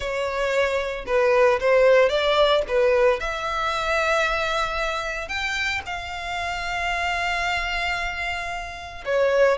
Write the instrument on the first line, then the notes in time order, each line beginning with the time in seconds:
violin
0.00 C#5
1.06 B4
1.60 C5
2.09 D5
2.68 B4
3.20 E5
5.28 G5
5.86 F5
9.05 C#5